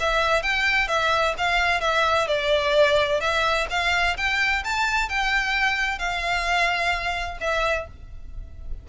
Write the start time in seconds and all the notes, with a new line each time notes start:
0.00 E5
0.43 G5
0.88 E5
1.38 F5
1.81 E5
2.27 D5
3.21 E5
3.70 F5
4.17 G5
4.64 A5
5.09 G5
5.99 F5
7.41 E5